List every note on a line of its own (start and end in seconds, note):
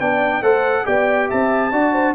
0.00 0.42 B3
0.00 0.43 D4
0.00 0.43 D5
0.00 0.43 G5
0.42 0.85 A3
0.42 0.85 A4
0.42 0.86 C5
0.42 0.86 F#5
0.85 1.31 B3
0.85 1.71 G4
0.85 1.29 D5
0.85 1.30 G5
1.29 1.72 C4
1.29 1.72 E5
1.29 2.15 A5
1.72 2.15 D4
1.72 2.15 F#4
1.72 1.93 D5
1.93 2.15 C5